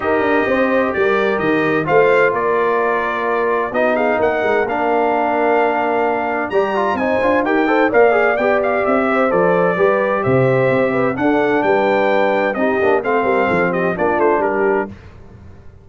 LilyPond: <<
  \new Staff \with { instrumentName = "trumpet" } { \time 4/4 \tempo 4 = 129 dis''2 d''4 dis''4 | f''4 d''2. | dis''8 f''8 fis''4 f''2~ | f''2 ais''4 gis''4 |
g''4 f''4 g''8 f''8 e''4 | d''2 e''2 | fis''4 g''2 dis''4 | f''4. dis''8 d''8 c''8 ais'4 | }
  \new Staff \with { instrumentName = "horn" } { \time 4/4 ais'4 c''4 ais'2 | c''4 ais'2. | fis'8 gis'8 ais'2.~ | ais'2 d''4 c''4 |
ais'8 c''8 d''2~ d''8 c''8~ | c''4 b'4 c''4. b'8 | a'4 b'2 g'4 | c''8 ais'8 a'8 g'8 f'4 g'4 | }
  \new Staff \with { instrumentName = "trombone" } { \time 4/4 g'1 | f'1 | dis'2 d'2~ | d'2 g'8 f'8 dis'8 f'8 |
g'8 a'8 ais'8 gis'8 g'2 | a'4 g'2. | d'2. dis'8 d'8 | c'2 d'2 | }
  \new Staff \with { instrumentName = "tuba" } { \time 4/4 dis'8 d'8 c'4 g4 dis4 | a4 ais2. | b4 ais8 gis8 ais2~ | ais2 g4 c'8 d'8 |
dis'4 ais4 b4 c'4 | f4 g4 c4 c'4 | d'4 g2 c'8 ais8 | a8 g8 f4 ais8 a8 g4 | }
>>